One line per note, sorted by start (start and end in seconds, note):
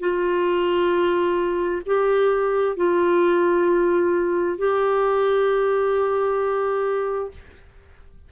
0.00 1.82 F4
1.86 2.76 G4
2.76 4.58 F4
4.58 7.31 G4